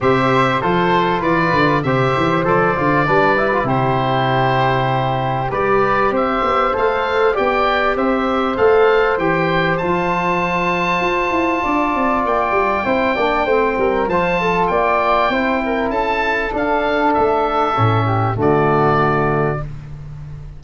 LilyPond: <<
  \new Staff \with { instrumentName = "oboe" } { \time 4/4 \tempo 4 = 98 e''4 c''4 d''4 e''4 | d''2 c''2~ | c''4 d''4 e''4 f''4 | g''4 e''4 f''4 g''4 |
a''1 | g''2. a''4 | g''2 a''4 f''4 | e''2 d''2 | }
  \new Staff \with { instrumentName = "flute" } { \time 4/4 c''4 a'4 b'4 c''4~ | c''4 b'4 g'2~ | g'4 b'4 c''2 | d''4 c''2.~ |
c''2. d''4~ | d''4 c''8 d''8 c''8 ais'8 c''8 a'8 | d''4 c''8 ais'8 a'2~ | a'4. g'8 fis'2 | }
  \new Staff \with { instrumentName = "trombone" } { \time 4/4 g'4 f'2 g'4 | a'8 f'8 d'8 e'16 f'16 e'2~ | e'4 g'2 a'4 | g'2 a'4 g'4 |
f'1~ | f'4 e'8 d'8 c'4 f'4~ | f'4 e'2 d'4~ | d'4 cis'4 a2 | }
  \new Staff \with { instrumentName = "tuba" } { \time 4/4 c4 f4 e8 d8 c8 e8 | f8 d8 g4 c2~ | c4 g4 c'8 b8 a4 | b4 c'4 a4 e4 |
f2 f'8 e'8 d'8 c'8 | ais8 g8 c'8 ais8 a8 g8 f4 | ais4 c'4 cis'4 d'4 | a4 a,4 d2 | }
>>